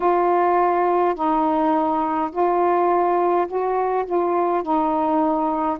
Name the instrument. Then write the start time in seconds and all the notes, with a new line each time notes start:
saxophone
0.00 F4
1.14 D#4
2.31 F4
3.47 F#4
4.05 F4
4.63 D#4